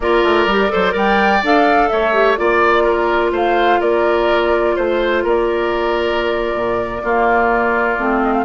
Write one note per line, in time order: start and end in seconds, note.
0.00 0.23 A#3
0.00 0.49 F4
0.00 0.72 A#4
0.00 0.96 D5
0.23 0.46 A3
0.46 0.69 G3
0.46 0.69 G4
0.69 0.94 F#3
0.69 0.90 A4
0.69 0.93 C5
0.90 1.41 G3
0.90 1.38 A#4
0.90 1.88 D5
0.90 1.44 G5
1.42 1.90 D4
1.42 2.13 A4
1.42 1.88 F5
1.88 2.39 A3
1.88 2.39 C#5
1.88 2.36 E5
2.13 2.37 G4
2.36 3.32 A#3
2.36 7.01 F4
2.36 3.32 D5
2.36 2.83 D5
2.83 3.30 A#4
3.32 3.79 A3
3.32 3.80 C5
3.32 3.81 F5
3.80 4.76 A#3
3.80 4.75 A#4
3.80 4.76 D5
4.76 5.24 A3
4.76 5.23 C5
5.23 6.54 A#3
5.23 7.02 A#4
5.23 8.22 D5
6.54 7.01 A#2
7.02 7.97 A#3
7.02 7.98 A#3
7.02 8.45 F4
7.98 8.45 A3
7.98 8.45 C4
8.22 8.32 D#5
8.32 8.44 F5